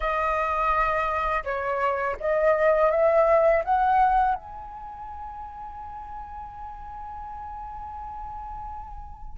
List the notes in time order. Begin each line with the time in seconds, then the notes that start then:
0.00 D#5
1.44 C#5
2.19 D#5
2.90 E5
3.64 F#5
4.34 G#5